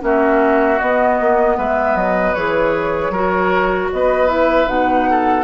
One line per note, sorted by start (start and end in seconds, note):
0.00 0.80 A#3
0.00 0.78 C#4
0.00 1.57 F#4
0.00 0.79 E5
0.79 2.36 B3
0.79 1.20 B3
0.79 1.57 D#5
1.20 1.58 A#3
1.57 1.95 G#3
1.57 3.12 B4
1.57 1.96 E5
1.95 2.34 F#3
1.95 2.34 D#5
2.34 3.10 E3
2.34 3.14 G#4
2.34 3.90 C#5
3.10 3.88 F#3
3.10 4.27 F#4
3.10 3.90 A#4
3.92 4.67 B3
3.92 5.10 B4
3.92 4.29 D#5
4.27 4.66 E4
4.27 4.68 E5
4.66 5.44 B2
4.66 5.44 D#4
4.66 5.44 F#5
5.10 5.44 A4